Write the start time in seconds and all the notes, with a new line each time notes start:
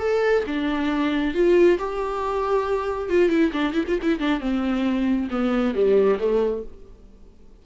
0.00 A4
0.47 D4
1.34 F4
1.79 G4
3.10 F4
3.30 E4
3.53 D4
3.74 E4
3.88 F4
4.03 E4
4.20 D4
4.41 C4
5.31 B3
5.75 G3
6.19 A3